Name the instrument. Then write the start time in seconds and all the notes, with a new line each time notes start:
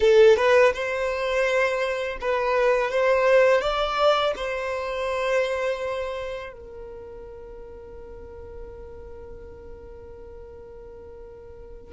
violin
0.00 A4
0.36 B4
0.73 C5
2.20 B4
2.90 C5
3.61 D5
4.36 C5
6.52 A#4